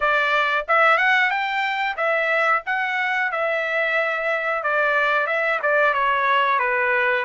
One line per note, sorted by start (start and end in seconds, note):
0.00 0.66 D5
0.67 0.97 E5
0.97 1.30 F#5
1.30 1.96 G5
1.96 2.62 E5
2.66 3.31 F#5
3.31 4.63 E5
4.63 5.26 D5
5.26 5.59 E5
5.62 5.93 D5
5.93 6.59 C#5
6.59 7.24 B4